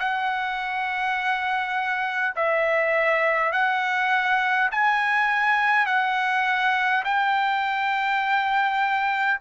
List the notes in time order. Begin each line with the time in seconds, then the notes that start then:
0.00 F#5
2.36 E5
3.52 F#5
4.72 G#5
5.87 F#5
7.05 G5